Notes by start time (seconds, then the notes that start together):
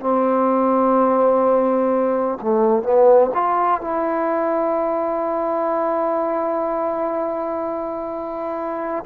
0.00 C4
2.42 A3
2.83 B3
3.33 F4
3.81 E4